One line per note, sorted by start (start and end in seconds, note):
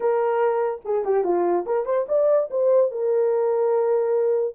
0.00 0.81 A#4
0.84 1.04 G#4
1.04 1.24 G4
1.24 1.65 F4
1.66 1.85 A#4
1.85 2.06 C5
2.08 2.49 D5
2.50 2.91 C5
2.91 4.54 A#4